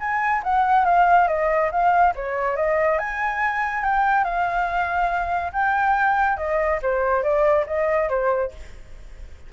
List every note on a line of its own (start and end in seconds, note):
0.00 0.43 G#5
0.44 0.85 F#5
0.85 1.28 F5
1.28 1.71 D#5
1.72 2.14 F5
2.16 2.56 C#5
2.56 2.99 D#5
2.99 3.84 G#5
3.84 4.25 G5
4.25 5.52 F5
5.53 6.37 G5
6.37 6.80 D#5
6.83 7.23 C5
7.23 7.66 D5
7.67 8.09 D#5
8.09 8.52 C5